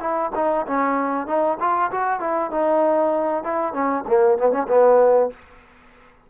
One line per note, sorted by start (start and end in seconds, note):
0.00 0.31 E4
0.35 0.66 D#4
0.67 1.27 C#4
1.27 1.57 D#4
1.60 1.91 F4
1.91 2.20 F#4
2.20 2.51 E4
2.51 3.44 D#4
3.44 3.73 E4
3.73 4.04 C#4
4.08 4.38 A#3
4.38 4.51 B3
4.51 4.67 C#4
4.68 5.30 B3